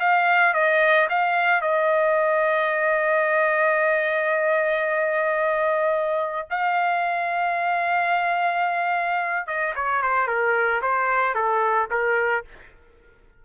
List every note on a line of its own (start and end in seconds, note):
0.00 0.54 F5
0.54 1.08 D#5
1.10 1.62 F5
1.62 6.48 D#5
6.50 9.47 F5
9.47 9.74 D#5
9.75 10.02 C#5
10.02 10.27 C5
10.27 10.81 A#4
10.82 11.35 C5
11.35 11.89 A4
11.91 12.45 A#4